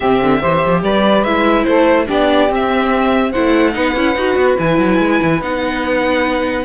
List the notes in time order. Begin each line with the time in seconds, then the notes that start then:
0.00 C3 C4 G4 E5
0.22 D3
0.41 E3 G4 C5
0.66 F3
0.82 G3 B4 D5
1.23 G#3 E4 E5
1.63 A3 A4 C5
2.05 B3 D4 G4 D5
2.48 C4
2.54 E5
3.31 A3 E4 C5 F#5
3.72 B3 D#4 B4
3.95 C#4 E4
4.15 D#4 F#4
4.35 B3
4.58 E3 E4 G#5
4.78 F#3
4.98 G#3
5.22 E3
5.41 B3 D#4 F#5